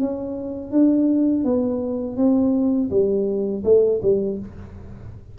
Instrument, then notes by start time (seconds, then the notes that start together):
tuba
0.00 C#4
0.72 D4
1.44 B3
2.17 C4
2.90 G3
3.64 A3
4.02 G3